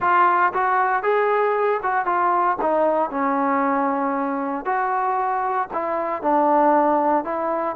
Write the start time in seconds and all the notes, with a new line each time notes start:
0.00 F4
0.53 F#4
1.02 G#4
1.82 F#4
2.05 F4
2.61 D#4
3.10 C#4
4.65 F#4
5.73 E4
6.22 D4
7.24 E4